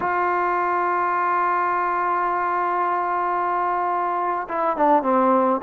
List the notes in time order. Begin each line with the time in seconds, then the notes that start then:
0.00 F4
4.48 E4
4.76 D4
5.02 C4